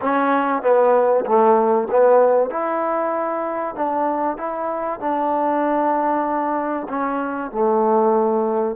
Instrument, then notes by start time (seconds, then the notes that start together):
trombone
0.01 C#4
0.62 B3
1.25 A3
1.91 B3
2.50 E4
3.75 D4
4.37 E4
4.99 D4
6.88 C#4
7.51 A3